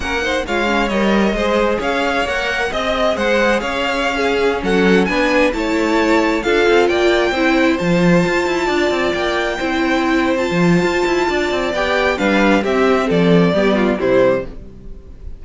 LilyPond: <<
  \new Staff \with { instrumentName = "violin" } { \time 4/4 \tempo 4 = 133 fis''4 f''4 dis''2 | f''4 fis''4 dis''4 fis''4 | f''2~ f''16 fis''4 gis''8.~ | gis''16 a''2 f''4 g''8.~ |
g''4~ g''16 a''2~ a''8.~ | a''16 g''2~ g''8. a''4~ | a''2 g''4 f''4 | e''4 d''2 c''4 | }
  \new Staff \with { instrumentName = "violin" } { \time 4/4 ais'8 c''8 cis''2 c''4 | cis''2 dis''4 c''4 | cis''4~ cis''16 gis'4 a'4 b'8.~ | b'16 cis''2 a'4 d''8.~ |
d''16 c''2. d''8.~ | d''4~ d''16 c''2~ c''8.~ | c''4 d''2 b'4 | g'4 a'4 g'8 f'8 e'4 | }
  \new Staff \with { instrumentName = "viola" } { \time 4/4 cis'8 dis'8 f'8 cis'8 ais'4 gis'4~ | gis'4 ais'4 gis'2~ | gis'4~ gis'16 cis'2 d'8.~ | d'16 e'2 f'4.~ f'16~ |
f'16 e'4 f'2~ f'8.~ | f'4~ f'16 e'4.~ e'16 f'4~ | f'2 g'4 d'4 | c'2 b4 g4 | }
  \new Staff \with { instrumentName = "cello" } { \time 4/4 ais4 gis4 g4 gis4 | cis'4 ais4 c'4 gis4 | cis'2~ cis'16 fis4 b8.~ | b16 a2 d'8 c'8 ais8.~ |
ais16 c'4 f4 f'8 e'8 d'8 c'16~ | c'16 ais4 c'2 f8. | f'8 e'8 d'8 c'8 b4 g4 | c'4 f4 g4 c4 | }
>>